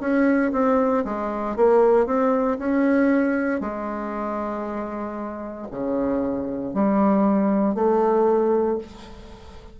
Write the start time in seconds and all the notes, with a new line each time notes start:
0.00 C#4
0.52 C4
1.05 G#3
1.56 A#3
2.06 C4
2.59 C#4
3.61 G#3
5.71 C#3
6.74 G3
7.74 A3